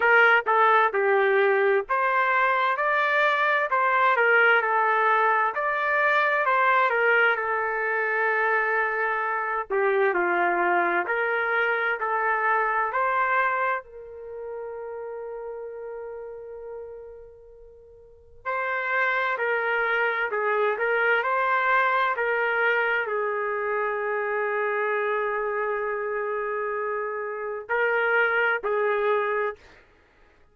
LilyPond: \new Staff \with { instrumentName = "trumpet" } { \time 4/4 \tempo 4 = 65 ais'8 a'8 g'4 c''4 d''4 | c''8 ais'8 a'4 d''4 c''8 ais'8 | a'2~ a'8 g'8 f'4 | ais'4 a'4 c''4 ais'4~ |
ais'1 | c''4 ais'4 gis'8 ais'8 c''4 | ais'4 gis'2.~ | gis'2 ais'4 gis'4 | }